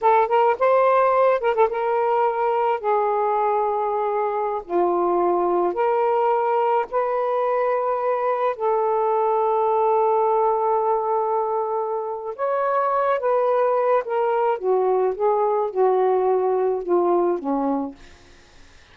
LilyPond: \new Staff \with { instrumentName = "saxophone" } { \time 4/4 \tempo 4 = 107 a'8 ais'8 c''4. ais'16 a'16 ais'4~ | ais'4 gis'2.~ | gis'16 f'2 ais'4.~ ais'16~ | ais'16 b'2. a'8.~ |
a'1~ | a'2 cis''4. b'8~ | b'4 ais'4 fis'4 gis'4 | fis'2 f'4 cis'4 | }